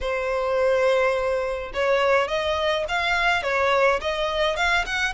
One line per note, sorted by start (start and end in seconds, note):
0.00 1.72 C5
1.73 2.28 C#5
2.28 2.85 D#5
2.88 3.42 F5
3.42 3.99 C#5
4.01 4.56 D#5
4.56 4.84 F5
4.85 5.13 F#5